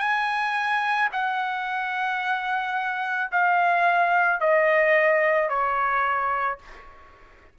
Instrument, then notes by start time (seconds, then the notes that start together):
trumpet
0.00 G#5
1.13 F#5
3.32 F5
4.41 D#5
5.49 C#5